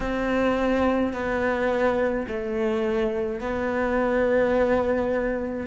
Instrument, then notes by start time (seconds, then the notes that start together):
cello
0.00 C4
1.13 B3
2.27 A3
3.40 B3